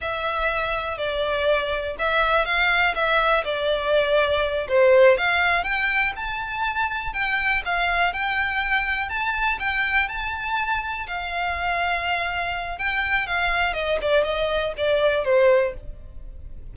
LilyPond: \new Staff \with { instrumentName = "violin" } { \time 4/4 \tempo 4 = 122 e''2 d''2 | e''4 f''4 e''4 d''4~ | d''4. c''4 f''4 g''8~ | g''8 a''2 g''4 f''8~ |
f''8 g''2 a''4 g''8~ | g''8 a''2 f''4.~ | f''2 g''4 f''4 | dis''8 d''8 dis''4 d''4 c''4 | }